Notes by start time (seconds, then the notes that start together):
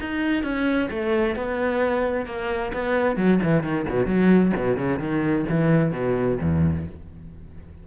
0.00 D#4
0.43 C#4
0.90 A3
1.35 B3
2.26 A#3
2.73 B3
3.16 F#3
3.43 E3
3.63 D#3
3.89 B2
4.06 F#3
4.56 B2
4.77 C#3
4.99 D#3
5.49 E3
5.92 B2
6.40 E2